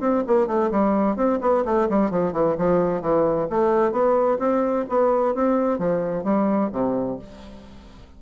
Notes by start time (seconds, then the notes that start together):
0.00 C4
0.27 A#3
0.47 A3
0.71 G3
1.16 C4
1.41 B3
1.65 A3
1.89 G3
2.10 F3
2.32 E3
2.58 F3
3.01 E3
3.50 A3
3.91 B3
4.39 C4
4.89 B3
5.35 C4
5.78 F3
6.24 G3
6.72 C3